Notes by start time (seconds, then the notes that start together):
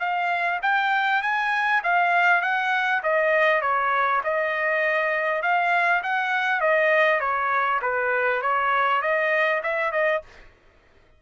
0.00 F5
0.62 G5
1.23 G#5
1.84 F5
2.42 F#5
3.03 D#5
3.62 C#5
4.24 D#5
5.42 F5
6.03 F#5
6.61 D#5
7.20 C#5
7.82 B4
8.42 C#5
9.02 D#5
9.63 E5
9.92 D#5